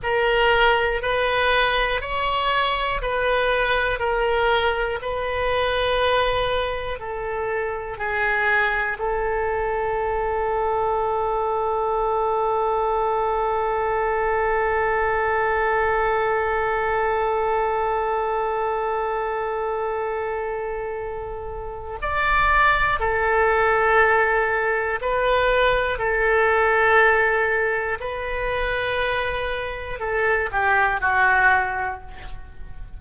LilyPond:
\new Staff \with { instrumentName = "oboe" } { \time 4/4 \tempo 4 = 60 ais'4 b'4 cis''4 b'4 | ais'4 b'2 a'4 | gis'4 a'2.~ | a'1~ |
a'1~ | a'2 d''4 a'4~ | a'4 b'4 a'2 | b'2 a'8 g'8 fis'4 | }